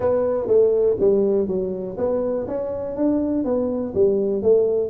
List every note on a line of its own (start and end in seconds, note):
0.00 0.47 B3
0.47 0.96 A3
1.00 1.47 G3
1.47 1.96 F#3
1.97 2.46 B3
2.47 2.96 C#4
2.96 3.44 D4
3.44 3.93 B3
3.94 4.42 G3
4.42 4.89 A3